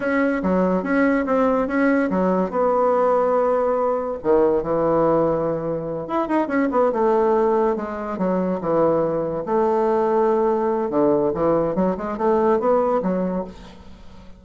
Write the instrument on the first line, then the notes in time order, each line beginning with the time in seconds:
bassoon
0.00 C#4
0.42 F#3
0.83 C#4
1.25 C4
1.67 C#4
2.10 F#3
2.50 B3
4.23 D#3
4.62 E3
6.07 E4
6.28 D#4
6.47 C#4
6.71 B3
6.92 A3
7.76 G#3
8.18 F#3
8.60 E3
9.45 A3
10.90 D3
11.34 E3
11.75 F#3
11.97 G#3
12.17 A3
12.59 B3
13.02 F#3